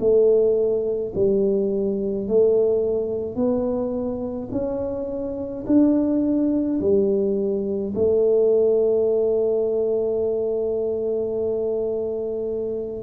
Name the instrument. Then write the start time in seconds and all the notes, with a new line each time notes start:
tuba
0.00 A3
1.15 G3
2.27 A3
3.36 B3
4.51 C#4
5.67 D4
6.80 G3
7.95 A3